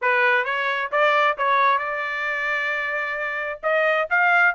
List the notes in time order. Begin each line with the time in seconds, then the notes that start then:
0.01 B4
0.44 C#5
0.91 D5
1.37 C#5
1.78 D5
3.63 D#5
4.10 F5